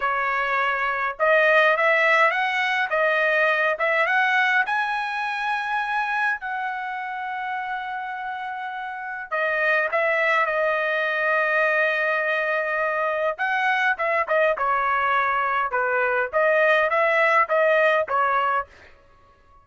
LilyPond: \new Staff \with { instrumentName = "trumpet" } { \time 4/4 \tempo 4 = 103 cis''2 dis''4 e''4 | fis''4 dis''4. e''8 fis''4 | gis''2. fis''4~ | fis''1 |
dis''4 e''4 dis''2~ | dis''2. fis''4 | e''8 dis''8 cis''2 b'4 | dis''4 e''4 dis''4 cis''4 | }